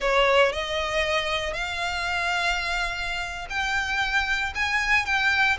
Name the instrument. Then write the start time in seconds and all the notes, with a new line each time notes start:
violin
0.00 C#5
0.52 D#5
1.53 F5
3.49 G5
4.54 G#5
5.05 G5